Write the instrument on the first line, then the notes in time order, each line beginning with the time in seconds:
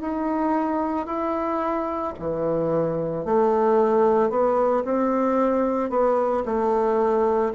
bassoon
0.00 D#4
1.06 E4
2.19 E3
3.25 A3
4.30 B3
4.84 C4
5.89 B3
6.45 A3